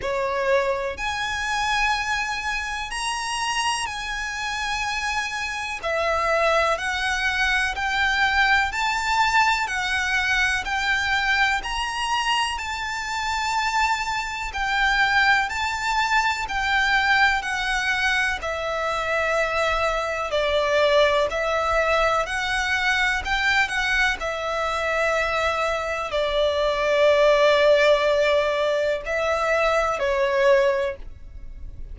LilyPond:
\new Staff \with { instrumentName = "violin" } { \time 4/4 \tempo 4 = 62 cis''4 gis''2 ais''4 | gis''2 e''4 fis''4 | g''4 a''4 fis''4 g''4 | ais''4 a''2 g''4 |
a''4 g''4 fis''4 e''4~ | e''4 d''4 e''4 fis''4 | g''8 fis''8 e''2 d''4~ | d''2 e''4 cis''4 | }